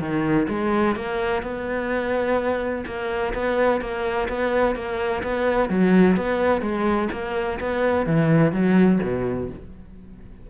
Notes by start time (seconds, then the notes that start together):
0.00 D#3
0.49 G#3
0.96 A#3
1.43 B3
2.86 A#3
3.34 B3
3.81 A#3
4.29 B3
4.76 A#3
5.23 B3
5.70 F#3
6.17 B3
6.62 G#3
7.13 A#3
7.60 B3
8.06 E3
8.53 F#3
9.03 B2